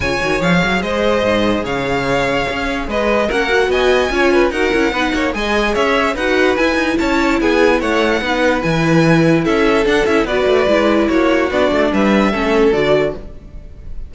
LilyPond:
<<
  \new Staff \with { instrumentName = "violin" } { \time 4/4 \tempo 4 = 146 gis''4 f''4 dis''2 | f''2. dis''4 | fis''4 gis''2 fis''4~ | fis''4 gis''4 e''4 fis''4 |
gis''4 a''4 gis''4 fis''4~ | fis''4 gis''2 e''4 | fis''8 e''8 d''2 cis''4 | d''4 e''2 d''4 | }
  \new Staff \with { instrumentName = "violin" } { \time 4/4 cis''2 c''2 | cis''2. b'4 | ais'4 dis''4 cis''8 b'8 ais'4 | b'8 cis''8 dis''4 cis''4 b'4~ |
b'4 cis''4 gis'4 cis''4 | b'2. a'4~ | a'4 b'2 fis'4~ | fis'4 b'4 a'2 | }
  \new Staff \with { instrumentName = "viola" } { \time 4/4 f'8 fis'8 gis'2.~ | gis'1 | cis'8 fis'4. f'4 fis'8 e'8 | dis'4 gis'2 fis'4 |
e'1 | dis'4 e'2. | d'8 e'8 fis'4 e'2 | d'2 cis'4 fis'4 | }
  \new Staff \with { instrumentName = "cello" } { \time 4/4 cis8 dis8 f8 fis8 gis4 gis,4 | cis2 cis'4 gis4 | ais4 b4 cis'4 dis'8 cis'8 | b8 ais8 gis4 cis'4 dis'4 |
e'8 dis'8 cis'4 b4 a4 | b4 e2 cis'4 | d'8 cis'8 b8 a8 gis4 ais4 | b8 a8 g4 a4 d4 | }
>>